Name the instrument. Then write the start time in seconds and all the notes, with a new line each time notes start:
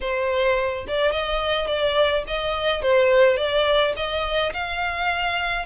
violin
0.01 C5
0.87 D5
1.11 D#5
1.67 D5
2.27 D#5
2.81 C5
3.37 D5
3.96 D#5
4.53 F5